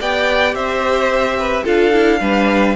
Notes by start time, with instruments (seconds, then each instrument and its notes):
0.00 cello B3, viola G4, violin D5 G5
0.54 cello C4, violin C5 E5
1.39 violin B4
1.64 cello D4, viola F4, violin A4 F5
1.93 viola E4
2.21 cello G3, viola D4, violin B4